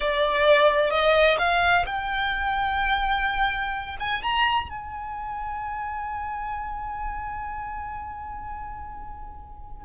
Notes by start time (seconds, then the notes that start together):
0.00 D5
0.90 D#5
1.38 F5
1.85 G5
3.99 G#5
4.22 A#5
4.69 G#5